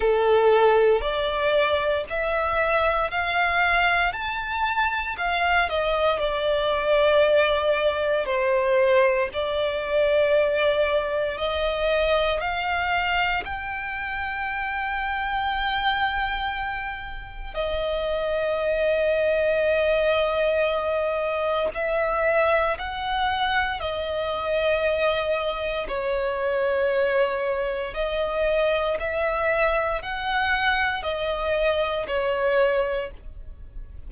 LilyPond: \new Staff \with { instrumentName = "violin" } { \time 4/4 \tempo 4 = 58 a'4 d''4 e''4 f''4 | a''4 f''8 dis''8 d''2 | c''4 d''2 dis''4 | f''4 g''2.~ |
g''4 dis''2.~ | dis''4 e''4 fis''4 dis''4~ | dis''4 cis''2 dis''4 | e''4 fis''4 dis''4 cis''4 | }